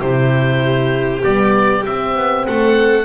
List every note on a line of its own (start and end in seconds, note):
0.00 1.24 C3
0.00 1.23 E4
0.00 2.45 G4
0.00 1.23 C5
1.24 1.87 G3
1.24 1.85 B3
1.24 1.85 D5
1.86 3.05 C4
1.86 2.16 C4
1.86 2.47 E5
2.16 2.47 B3
2.47 3.05 A3
2.47 3.05 A4
2.47 3.05 F#5